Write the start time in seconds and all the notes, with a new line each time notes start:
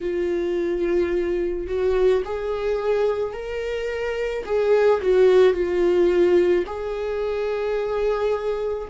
0.00 F4
1.67 F#4
2.25 G#4
3.33 A#4
4.45 G#4
5.01 F#4
5.53 F4
6.66 G#4